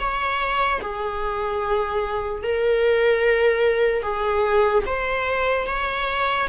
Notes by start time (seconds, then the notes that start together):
0.00 C#5
0.81 G#4
2.44 A#4
4.02 G#4
4.86 C5
5.67 C#5